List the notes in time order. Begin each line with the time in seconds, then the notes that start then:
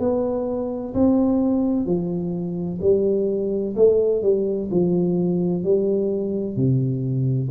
0.00 B3
0.95 C4
1.86 F3
2.82 G3
3.76 A3
4.23 G3
4.71 F3
5.64 G3
6.56 C3